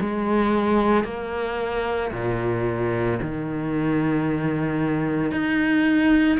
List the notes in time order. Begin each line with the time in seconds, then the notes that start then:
0.00 G#3
1.04 A#3
2.12 A#2
3.21 D#3
5.31 D#4